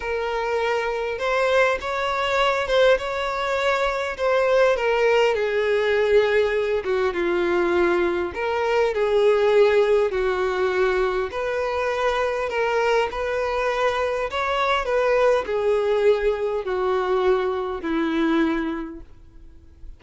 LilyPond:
\new Staff \with { instrumentName = "violin" } { \time 4/4 \tempo 4 = 101 ais'2 c''4 cis''4~ | cis''8 c''8 cis''2 c''4 | ais'4 gis'2~ gis'8 fis'8 | f'2 ais'4 gis'4~ |
gis'4 fis'2 b'4~ | b'4 ais'4 b'2 | cis''4 b'4 gis'2 | fis'2 e'2 | }